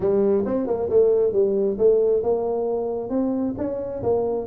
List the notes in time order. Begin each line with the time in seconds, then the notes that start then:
0.00 G3
0.45 C4
0.66 A#3
0.89 A3
1.32 G3
1.78 A3
2.23 A#3
3.09 C4
3.57 C#4
4.02 A#3